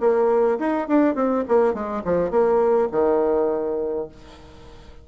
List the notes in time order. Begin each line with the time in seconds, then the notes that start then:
0.00 A#3
0.59 D#4
0.87 D4
1.15 C4
1.48 A#3
1.73 G#3
2.04 F3
2.30 A#3
2.92 D#3